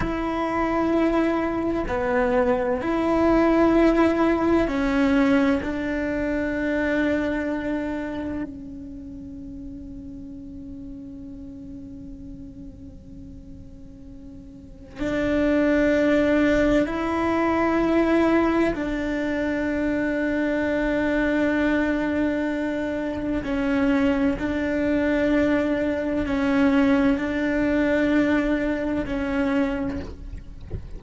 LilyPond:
\new Staff \with { instrumentName = "cello" } { \time 4/4 \tempo 4 = 64 e'2 b4 e'4~ | e'4 cis'4 d'2~ | d'4 cis'2.~ | cis'1 |
d'2 e'2 | d'1~ | d'4 cis'4 d'2 | cis'4 d'2 cis'4 | }